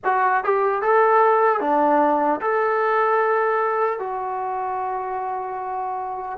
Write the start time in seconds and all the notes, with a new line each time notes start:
0.04 F#4
0.44 G4
0.82 A4
1.60 D4
2.41 A4
3.99 F#4